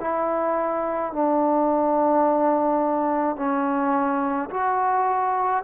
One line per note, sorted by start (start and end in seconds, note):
0.00 1.12 E4
1.12 3.36 D4
3.36 4.49 C#4
4.50 5.63 F#4